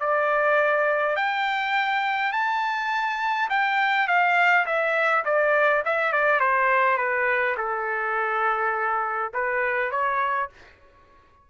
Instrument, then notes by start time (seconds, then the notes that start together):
trumpet
0.00 D5
1.16 G5
2.32 A5
3.50 G5
4.08 F5
4.66 E5
5.25 D5
5.85 E5
6.12 D5
6.40 C5
6.97 B4
7.57 A4
9.34 B4
9.91 C#5